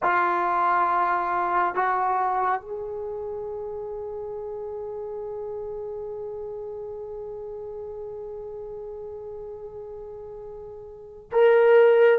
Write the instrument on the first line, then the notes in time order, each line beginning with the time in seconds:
trombone
0.02 F4
1.74 F#4
2.61 G#4
11.32 A#4